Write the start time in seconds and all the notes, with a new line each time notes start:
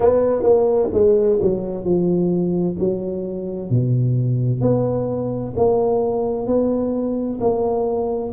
0.00 B3
0.42 A#3
0.93 G#3
1.41 F#3
1.84 F3
2.79 F#3
3.69 B2
4.61 B3
5.56 A#3
6.46 B3
7.40 A#3